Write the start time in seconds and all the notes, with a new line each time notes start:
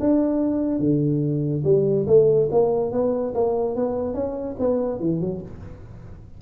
0.00 D4
0.80 D3
1.65 G3
2.08 A3
2.52 A#3
2.92 B3
3.35 A#3
3.76 B3
4.14 C#4
4.60 B3
5.00 E3
5.21 F#3